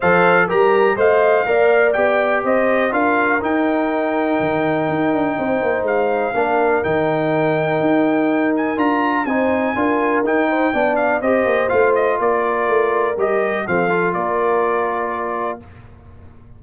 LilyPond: <<
  \new Staff \with { instrumentName = "trumpet" } { \time 4/4 \tempo 4 = 123 f''4 ais''4 f''2 | g''4 dis''4 f''4 g''4~ | g''1 | f''2 g''2~ |
g''4. gis''8 ais''4 gis''4~ | gis''4 g''4. f''8 dis''4 | f''8 dis''8 d''2 dis''4 | f''4 d''2. | }
  \new Staff \with { instrumentName = "horn" } { \time 4/4 c''4 ais'4 dis''4 d''4~ | d''4 c''4 ais'2~ | ais'2. c''4~ | c''4 ais'2.~ |
ais'2. c''4 | ais'4. c''8 d''4 c''4~ | c''4 ais'2. | a'4 ais'2. | }
  \new Staff \with { instrumentName = "trombone" } { \time 4/4 a'4 g'4 c''4 ais'4 | g'2 f'4 dis'4~ | dis'1~ | dis'4 d'4 dis'2~ |
dis'2 f'4 dis'4 | f'4 dis'4 d'4 g'4 | f'2. g'4 | c'8 f'2.~ f'8 | }
  \new Staff \with { instrumentName = "tuba" } { \time 4/4 f4 g4 a4 ais4 | b4 c'4 d'4 dis'4~ | dis'4 dis4 dis'8 d'8 c'8 ais8 | gis4 ais4 dis2 |
dis'2 d'4 c'4 | d'4 dis'4 b4 c'8 ais8 | a4 ais4 a4 g4 | f4 ais2. | }
>>